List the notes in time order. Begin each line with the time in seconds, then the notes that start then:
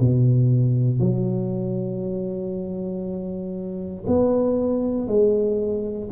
0.00 B2
0.99 F#3
4.07 B3
5.07 G#3